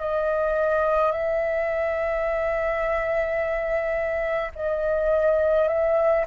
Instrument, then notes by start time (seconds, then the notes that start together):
flute
0.00 D#5
1.12 E5
4.56 D#5
5.69 E5